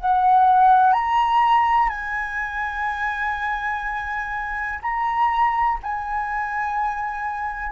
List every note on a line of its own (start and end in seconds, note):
0.00 0.93 F#5
0.93 1.90 A#5
1.90 4.80 G#5
4.83 5.79 A#5
5.83 7.72 G#5